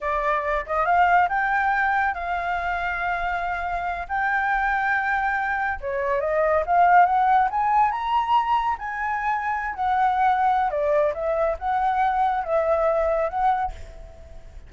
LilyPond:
\new Staff \with { instrumentName = "flute" } { \time 4/4 \tempo 4 = 140 d''4. dis''8 f''4 g''4~ | g''4 f''2.~ | f''4. g''2~ g''8~ | g''4. cis''4 dis''4 f''8~ |
f''8 fis''4 gis''4 ais''4.~ | ais''8 gis''2~ gis''16 fis''4~ fis''16~ | fis''4 d''4 e''4 fis''4~ | fis''4 e''2 fis''4 | }